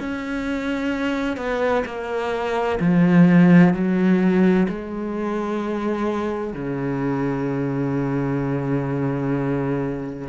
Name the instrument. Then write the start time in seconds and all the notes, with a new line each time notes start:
cello
0.00 C#4
1.37 B3
1.85 A#3
2.80 F3
3.74 F#3
4.69 G#3
6.54 C#3